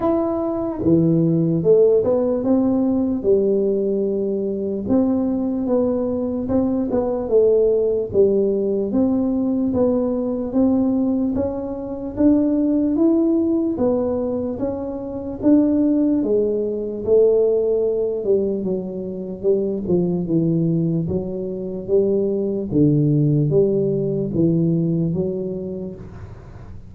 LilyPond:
\new Staff \with { instrumentName = "tuba" } { \time 4/4 \tempo 4 = 74 e'4 e4 a8 b8 c'4 | g2 c'4 b4 | c'8 b8 a4 g4 c'4 | b4 c'4 cis'4 d'4 |
e'4 b4 cis'4 d'4 | gis4 a4. g8 fis4 | g8 f8 e4 fis4 g4 | d4 g4 e4 fis4 | }